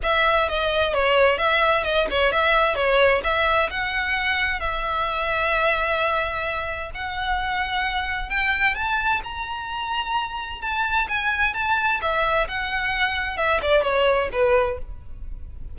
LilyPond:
\new Staff \with { instrumentName = "violin" } { \time 4/4 \tempo 4 = 130 e''4 dis''4 cis''4 e''4 | dis''8 cis''8 e''4 cis''4 e''4 | fis''2 e''2~ | e''2. fis''4~ |
fis''2 g''4 a''4 | ais''2. a''4 | gis''4 a''4 e''4 fis''4~ | fis''4 e''8 d''8 cis''4 b'4 | }